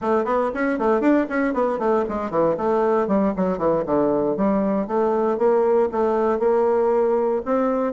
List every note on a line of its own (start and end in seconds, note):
0.01 0.24 A3
0.24 0.50 B3
0.53 0.78 C#4
0.78 1.00 A3
1.00 1.26 D4
1.29 1.53 C#4
1.53 1.78 B3
1.78 2.04 A3
2.08 2.30 G#3
2.30 2.55 E3
2.57 3.07 A3
3.07 3.33 G3
3.36 3.58 F#3
3.58 3.83 E3
3.86 4.36 D3
4.36 4.87 G3
4.87 5.38 A3
5.38 5.89 A#3
5.91 6.39 A3
6.39 7.41 A#3
7.45 7.93 C4